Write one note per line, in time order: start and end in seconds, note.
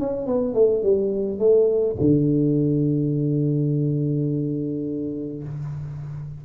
0.00 0.27 C#4
0.27 0.55 B3
0.55 0.83 A3
0.83 1.39 G3
1.39 1.96 A3
2.01 5.44 D3